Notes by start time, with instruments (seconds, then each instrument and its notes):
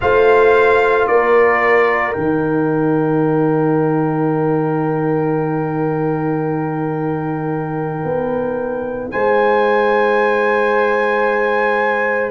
0.01 tuba A3, trombone F4, horn C5, trumpet F5
1.07 tuba A#3, horn A#4, trumpet D5
2.13 tuba D#3, trombone D#4, trumpet G5
8.03 tuba B3
9.10 tuba G#3, horn C5, trumpet G#5